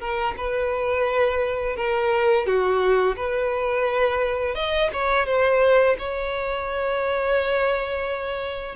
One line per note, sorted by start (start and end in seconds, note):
0.00 0.35 A#4
0.37 1.76 B4
1.76 2.46 A#4
2.46 3.16 F#4
3.16 4.55 B4
4.55 4.90 D#5
4.93 5.26 C#5
5.26 5.96 C5
5.98 8.76 C#5